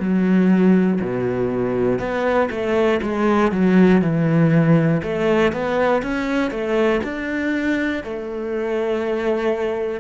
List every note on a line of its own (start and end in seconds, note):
0.00 1.00 F#3
1.02 2.00 B2
2.00 2.50 B3
2.51 3.01 A3
3.03 3.52 G#3
3.52 4.02 F#3
4.02 5.02 E3
5.03 5.53 A3
5.53 6.03 B3
6.03 6.51 C#4
6.51 7.01 A3
7.04 8.04 D4
8.04 10.00 A3